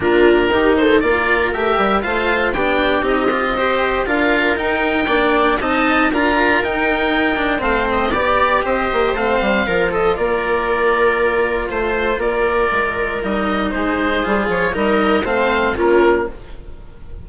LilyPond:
<<
  \new Staff \with { instrumentName = "oboe" } { \time 4/4 \tempo 4 = 118 ais'4. c''8 d''4 e''4 | f''4 g''4 dis''2 | f''4 g''2 a''4 | ais''4 g''2 f''8 dis''8 |
d''4 dis''4 f''4. dis''8 | d''2. c''4 | d''2 dis''4 c''4~ | c''8 cis''8 dis''4 f''4 ais'4 | }
  \new Staff \with { instrumentName = "viola" } { \time 4/4 f'4 g'8 a'8 ais'2 | c''4 g'2 c''4 | ais'2 d''4 dis''4 | ais'2. c''4 |
d''4 c''2 ais'8 a'8 | ais'2. c''4 | ais'2. gis'4~ | gis'4 ais'4 c''4 f'4 | }
  \new Staff \with { instrumentName = "cello" } { \time 4/4 d'4 dis'4 f'4 g'4 | f'4 d'4 dis'8 f'8 g'4 | f'4 dis'4 d'4 dis'4 | f'4 dis'4. d'8 c'4 |
g'2 c'4 f'4~ | f'1~ | f'2 dis'2 | f'4 dis'4 c'4 cis'4 | }
  \new Staff \with { instrumentName = "bassoon" } { \time 4/4 ais4 dis4 ais4 a8 g8 | a4 b4 c'2 | d'4 dis'4 ais4 c'4 | d'4 dis'2 a4 |
b4 c'8 ais8 a8 g8 f4 | ais2. a4 | ais4 gis4 g4 gis4 | g8 f8 g4 a4 ais4 | }
>>